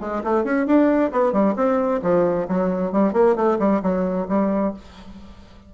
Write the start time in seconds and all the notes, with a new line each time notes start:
0.00 G#3
0.24 A3
0.44 C#4
0.66 D4
1.12 B3
1.32 G3
1.56 C4
2.02 F3
2.48 F#3
2.92 G3
3.13 A#3
3.36 A3
3.59 G3
3.82 F#3
4.28 G3